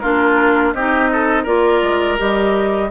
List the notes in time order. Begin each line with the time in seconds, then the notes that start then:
0.00 A#3 D4 F4 A#4
0.73 C4 D#4 G4 D#5
1.13 A4
1.43 A#3 F4 A#4 D5
1.83 G#3
2.18 G3 G4 D#5